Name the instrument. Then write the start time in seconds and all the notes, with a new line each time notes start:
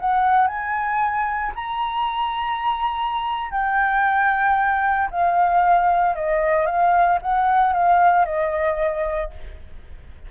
flute
0.00 F#5
0.47 G#5
1.55 A#5
3.51 G5
5.11 F5
6.16 D#5
6.66 F5
7.22 F#5
7.73 F5
8.26 D#5